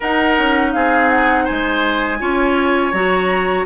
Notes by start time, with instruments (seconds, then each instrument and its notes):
0.00 bassoon D#4, clarinet D#4, oboe A#4, flute F#5
0.38 bassoon C#4
0.72 bassoon C4, oboe G#4, flute F5
1.09 flute F#5
1.44 bassoon G#3, oboe C5, flute G#5
2.19 bassoon C#4, clarinet F4, oboe C#5
2.92 bassoon F#3, clarinet F#4, flute A#5